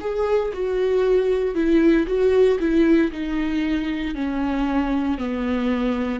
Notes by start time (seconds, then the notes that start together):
0.00 G#4
0.53 F#4
1.54 E4
2.06 F#4
2.59 E4
3.12 D#4
4.15 C#4
5.18 B3